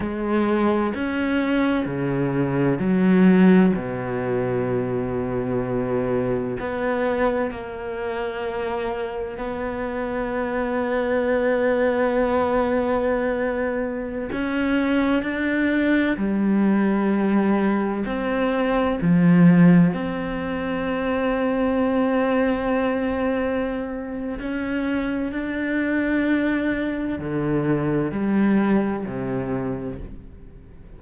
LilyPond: \new Staff \with { instrumentName = "cello" } { \time 4/4 \tempo 4 = 64 gis4 cis'4 cis4 fis4 | b,2. b4 | ais2 b2~ | b2.~ b16 cis'8.~ |
cis'16 d'4 g2 c'8.~ | c'16 f4 c'2~ c'8.~ | c'2 cis'4 d'4~ | d'4 d4 g4 c4 | }